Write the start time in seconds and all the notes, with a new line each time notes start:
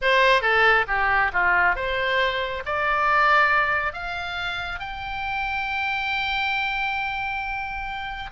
0.01 C5
0.41 A4
0.87 G4
1.32 F4
1.75 C5
2.65 D5
3.93 F5
4.79 G5